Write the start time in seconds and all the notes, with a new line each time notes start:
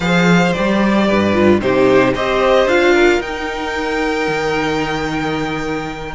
0.00 F3 G#4 C5 F5
0.52 G3 G4 D5
1.07 G2 B4
1.33 F4
1.60 C3 D#4 G4 C5
2.14 C4 G4 C5 D#5
2.65 D4 F4 F5
2.93 A#4
3.20 D#4 G5
4.27 D#3